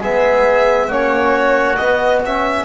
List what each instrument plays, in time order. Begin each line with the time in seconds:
0.00 double bass G#3, trombone B3, oboe G#4, violin E5
0.87 double bass A#3, trombone C#4, oboe F#4, violin C#5
1.76 double bass B3, trombone B3, violin D#5
2.24 trombone C#4, violin E5